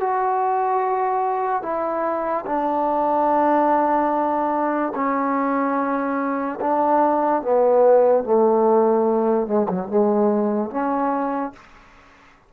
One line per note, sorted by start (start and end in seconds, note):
0.00 1.63 F#4
1.63 2.45 E4
2.46 4.93 D4
4.95 6.59 C#4
6.60 7.42 D4
7.42 8.24 B3
8.24 9.47 A3
9.47 9.67 G#3
9.69 9.88 F#3
9.88 10.70 G#3
10.70 11.53 C#4